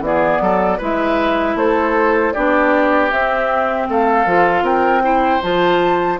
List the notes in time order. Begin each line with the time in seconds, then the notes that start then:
0.00 E3 B3 G#4 D5
0.40 F#3 A4
0.78 G#3 E4 B4 E5
1.55 A3 A4 C5
2.33 B3 D4 G4 D5
3.10 C4 E5
3.88 A3 A4 F5
4.25 F3 F4
4.62 C4 A#4 G5
5.02 E4 C5
5.42 F3 F4 A5